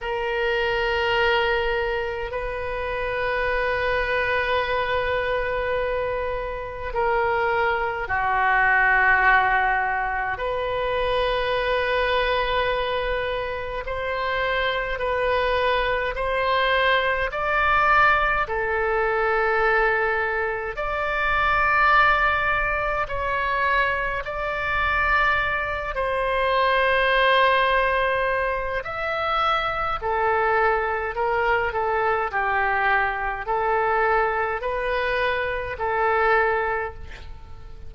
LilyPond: \new Staff \with { instrumentName = "oboe" } { \time 4/4 \tempo 4 = 52 ais'2 b'2~ | b'2 ais'4 fis'4~ | fis'4 b'2. | c''4 b'4 c''4 d''4 |
a'2 d''2 | cis''4 d''4. c''4.~ | c''4 e''4 a'4 ais'8 a'8 | g'4 a'4 b'4 a'4 | }